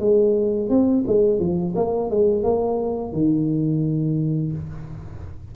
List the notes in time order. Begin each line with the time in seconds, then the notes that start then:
0.00 G#3
0.70 C4
1.08 G#3
1.40 F3
1.76 A#3
2.11 G#3
2.44 A#3
3.13 D#3